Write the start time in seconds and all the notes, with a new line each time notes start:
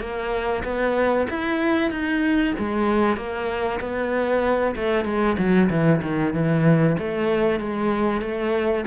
0.00 A#3
0.63 B3
1.29 E4
1.90 D#4
2.58 G#3
3.16 A#3
3.80 B3
4.75 A3
5.05 G#3
5.38 F#3
5.70 E3
6.02 D#3
6.33 E3
6.98 A3
7.60 G#3
8.21 A3